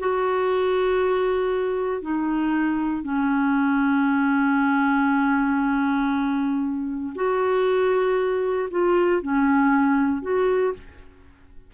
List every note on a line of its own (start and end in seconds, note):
0.00 2.02 F#4
2.02 3.03 D#4
3.03 7.14 C#4
7.15 8.69 F#4
8.71 9.22 F4
9.22 10.22 C#4
10.22 10.73 F#4